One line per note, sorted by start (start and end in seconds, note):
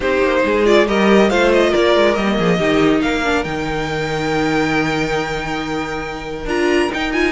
0.00 0.21 C4
0.00 0.65 D#4
0.00 0.40 G4
0.00 0.65 C5
0.22 0.43 A#3
0.44 0.87 G#3
0.44 0.88 G#4
0.65 0.86 F4
0.65 0.87 D5
0.87 1.30 G3
0.87 1.30 G4
0.87 1.29 A#4
0.87 1.30 D#5
1.29 1.73 A3
1.29 2.15 F4
1.29 1.69 C5
1.29 1.51 F5
1.52 1.73 D#5
1.69 1.95 A#3
1.69 2.34 A#4
1.69 2.14 D5
1.95 2.16 G#3
2.14 2.38 G3
2.14 2.58 A#3
2.14 3.00 D#5
2.38 2.58 F3
2.38 2.58 G#4
2.58 3.01 D#3
2.58 3.24 D#4
2.58 3.01 G4
3.01 3.44 A#3
3.01 7.31 A#4
3.01 3.44 F5
3.24 3.44 D4
3.44 6.45 D#3
3.44 6.46 D#4
3.44 6.46 G5
6.45 6.88 D4
6.45 6.90 F4
6.45 6.91 A#5
6.90 7.11 D#4
6.90 7.31 D#4
6.90 7.12 G5
7.12 7.31 F4
7.12 7.31 G#5